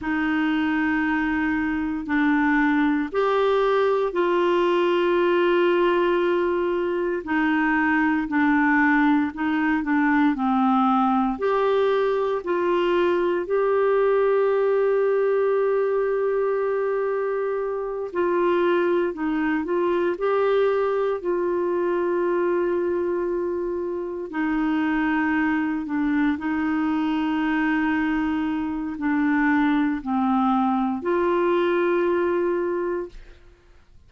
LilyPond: \new Staff \with { instrumentName = "clarinet" } { \time 4/4 \tempo 4 = 58 dis'2 d'4 g'4 | f'2. dis'4 | d'4 dis'8 d'8 c'4 g'4 | f'4 g'2.~ |
g'4. f'4 dis'8 f'8 g'8~ | g'8 f'2. dis'8~ | dis'4 d'8 dis'2~ dis'8 | d'4 c'4 f'2 | }